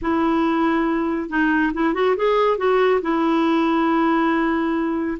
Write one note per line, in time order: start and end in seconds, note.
0.01 1.29 E4
1.29 1.72 D#4
1.73 1.93 E4
1.93 2.15 F#4
2.16 2.57 G#4
2.57 3.00 F#4
3.01 5.17 E4